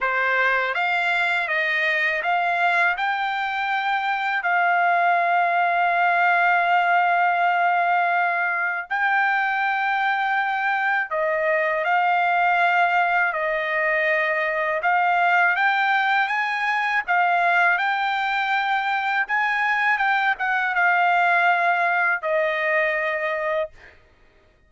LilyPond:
\new Staff \with { instrumentName = "trumpet" } { \time 4/4 \tempo 4 = 81 c''4 f''4 dis''4 f''4 | g''2 f''2~ | f''1 | g''2. dis''4 |
f''2 dis''2 | f''4 g''4 gis''4 f''4 | g''2 gis''4 g''8 fis''8 | f''2 dis''2 | }